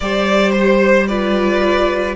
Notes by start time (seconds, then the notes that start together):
0.00 G3 G4 C5 D5
0.53 C5
1.07 F4 B4 D5